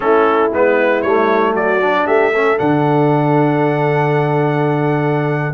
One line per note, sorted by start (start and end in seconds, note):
0.00 0.53 A3
0.00 0.51 C#4
0.00 1.52 E4
0.00 0.51 A4
0.53 1.03 G#3
0.53 1.05 B3
0.53 1.02 B4
1.02 1.55 G3
1.02 1.80 A3
1.02 1.53 C#5
1.52 2.06 F#3
1.52 2.04 F#4
1.52 2.06 D5
1.80 2.32 D4
2.06 2.58 A3
2.06 2.32 G4
2.06 2.58 E5
2.33 2.57 C#4
2.33 5.54 A4
2.57 5.54 D3
2.57 5.54 D4
2.57 5.54 F#5